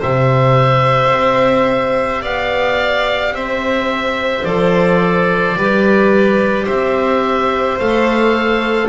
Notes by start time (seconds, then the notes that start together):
0.00 C3 G4 C5 E5
1.13 C4
2.22 B3 D5 F5
3.32 C4 C5 E5
4.45 F3 A4 D5
5.57 G3 G4 B4
6.65 C4 C5 E5
7.79 A3 A4 F5